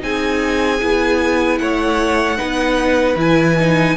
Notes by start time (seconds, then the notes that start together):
0.00 C4 D#4 G#4 G#5
0.81 B3 E4
1.59 A3 C#5 F#5
2.38 B3 D#4 B4
3.16 E3 E4 G#5
3.60 D#4